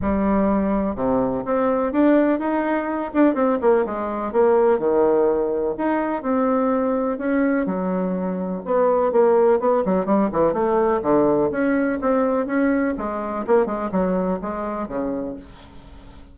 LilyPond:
\new Staff \with { instrumentName = "bassoon" } { \time 4/4 \tempo 4 = 125 g2 c4 c'4 | d'4 dis'4. d'8 c'8 ais8 | gis4 ais4 dis2 | dis'4 c'2 cis'4 |
fis2 b4 ais4 | b8 fis8 g8 e8 a4 d4 | cis'4 c'4 cis'4 gis4 | ais8 gis8 fis4 gis4 cis4 | }